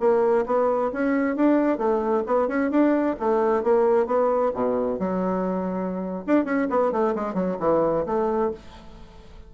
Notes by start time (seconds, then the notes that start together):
0.00 A#3
0.46 B3
0.93 C#4
1.36 D4
1.78 A3
2.27 B3
2.48 C#4
2.71 D4
3.20 A3
3.63 A#3
4.07 B3
4.54 B2
4.99 F#3
6.27 D4
6.45 C#4
6.70 B3
6.92 A3
7.15 G#3
7.34 F#3
7.60 E3
8.06 A3